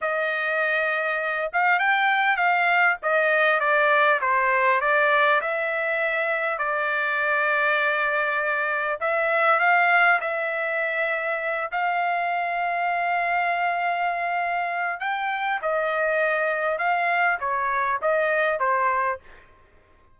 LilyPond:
\new Staff \with { instrumentName = "trumpet" } { \time 4/4 \tempo 4 = 100 dis''2~ dis''8 f''8 g''4 | f''4 dis''4 d''4 c''4 | d''4 e''2 d''4~ | d''2. e''4 |
f''4 e''2~ e''8 f''8~ | f''1~ | f''4 g''4 dis''2 | f''4 cis''4 dis''4 c''4 | }